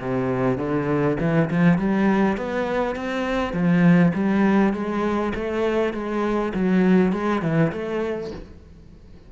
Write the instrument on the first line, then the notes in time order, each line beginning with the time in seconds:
cello
0.00 C3
0.58 D3
1.20 E3
1.51 F3
1.78 G3
2.37 B3
2.96 C4
3.53 F3
4.14 G3
4.74 G#3
5.35 A3
5.94 G#3
6.54 F#3
7.13 G#3
7.42 E3
7.72 A3